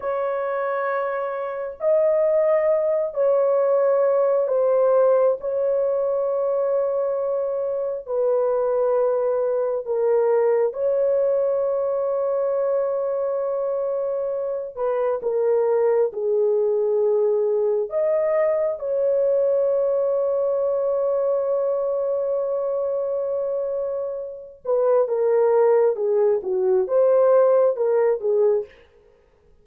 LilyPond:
\new Staff \with { instrumentName = "horn" } { \time 4/4 \tempo 4 = 67 cis''2 dis''4. cis''8~ | cis''4 c''4 cis''2~ | cis''4 b'2 ais'4 | cis''1~ |
cis''8 b'8 ais'4 gis'2 | dis''4 cis''2.~ | cis''2.~ cis''8 b'8 | ais'4 gis'8 fis'8 c''4 ais'8 gis'8 | }